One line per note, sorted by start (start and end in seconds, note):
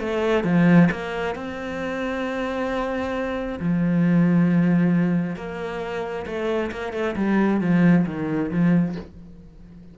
0.00 0.44 A3
0.44 0.89 F3
0.91 1.36 A#3
1.36 3.59 C4
3.60 5.36 F3
5.36 6.26 A#3
6.26 6.71 A3
6.72 6.93 A#3
6.93 7.16 A3
7.16 7.61 G3
7.61 8.06 F3
8.06 8.51 D#3
8.51 8.96 F3